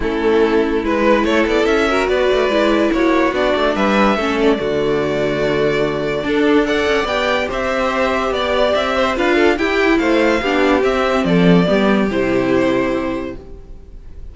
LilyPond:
<<
  \new Staff \with { instrumentName = "violin" } { \time 4/4 \tempo 4 = 144 a'2 b'4 cis''8 d''8 | e''4 d''2 cis''4 | d''4 e''4. d''4.~ | d''1 |
fis''4 g''4 e''2 | d''4 e''4 f''4 g''4 | f''2 e''4 d''4~ | d''4 c''2. | }
  \new Staff \with { instrumentName = "violin" } { \time 4/4 e'2~ e'8 b'8 a'4~ | a'8 ais'8 b'2 fis'4~ | fis'4 b'4 a'4 fis'4~ | fis'2. a'4 |
d''2 c''2 | d''4. c''8 b'8 a'8 g'4 | c''4 g'2 a'4 | g'1 | }
  \new Staff \with { instrumentName = "viola" } { \time 4/4 cis'2 e'2~ | e'8 fis'4. e'2 | d'2 cis'4 a4~ | a2. d'4 |
a'4 g'2.~ | g'2 f'4 e'4~ | e'4 d'4 c'2 | b4 e'2. | }
  \new Staff \with { instrumentName = "cello" } { \time 4/4 a2 gis4 a8 b8 | cis'4 b8 a8 gis4 ais4 | b8 a8 g4 a4 d4~ | d2. d'4~ |
d'8 cis'8 b4 c'2 | b4 c'4 d'4 e'4 | a4 b4 c'4 f4 | g4 c2. | }
>>